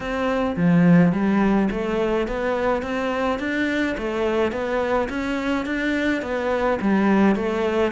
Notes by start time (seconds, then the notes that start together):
0.00 C4
0.56 F3
1.12 G3
1.70 A3
2.27 B3
2.82 C4
3.39 D4
3.97 A3
4.52 B3
5.09 C#4
5.65 D4
6.22 B3
6.81 G3
7.35 A3